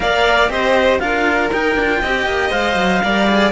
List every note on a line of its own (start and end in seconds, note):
0.00 0.49 A#3
0.00 0.49 A#4
0.00 0.50 D5
0.00 0.50 F5
0.49 0.99 C4
0.49 0.99 G4
0.49 1.00 C5
0.49 0.99 D#5
0.99 1.51 D4
0.99 1.50 F4
0.99 2.01 A#4
0.99 1.49 F5
1.52 1.75 D#4
1.52 1.78 D#4
1.52 2.50 G5
1.75 2.00 D4
1.75 2.04 F4
2.01 2.25 C4
2.01 2.50 G4
2.01 3.02 D#5
2.25 2.50 A#3
2.50 2.75 G#3
2.50 3.01 C5
2.50 3.51 F5
2.75 3.01 F#3
3.03 3.51 G3
3.03 3.28 A#4
3.03 3.51 D5
3.28 3.51 G#4